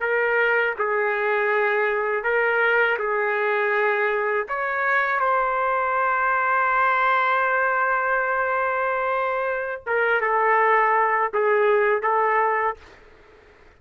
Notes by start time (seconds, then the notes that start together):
0.00 A#4
0.78 G#4
2.23 A#4
2.98 G#4
4.48 C#5
5.20 C5
9.86 A#4
10.21 A4
11.33 G#4
12.02 A4